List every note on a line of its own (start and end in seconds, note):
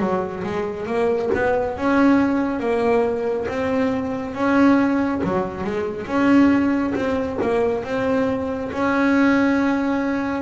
0.00 0.43 F#3
0.44 0.87 G#3
0.87 1.30 A#3
1.35 1.77 B3
1.77 2.60 C#4
2.60 3.47 A#3
3.49 4.35 C4
4.35 5.22 C#4
5.24 5.64 F#3
5.64 6.07 G#3
6.07 6.94 C#4
6.95 7.39 C4
7.42 7.85 A#3
7.85 8.72 C4
8.72 10.43 C#4